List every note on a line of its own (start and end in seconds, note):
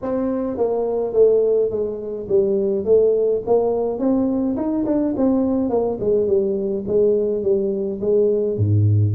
0.02 0.57 C4
0.57 1.13 A#3
1.13 1.70 A3
1.70 2.27 G#3
2.29 2.84 G3
2.84 3.41 A3
3.46 3.98 A#3
3.98 4.55 C4
4.56 4.84 D#4
4.85 5.14 D4
5.17 5.69 C4
5.69 5.98 A#3
6.00 6.27 G#3
6.27 6.84 G3
6.87 7.42 G#3
7.42 7.99 G3
8.00 8.57 G#3
8.57 9.15 G#2